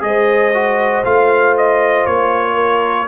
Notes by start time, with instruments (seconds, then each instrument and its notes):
0.00 tuba G#3, trombone G#4, horn C5, trumpet D#5
0.53 trombone F#4
1.04 tuba A3, trombone F4, trumpet F5
1.57 trumpet D#5
2.06 tuba A#3, trumpet C#5
2.53 horn A#4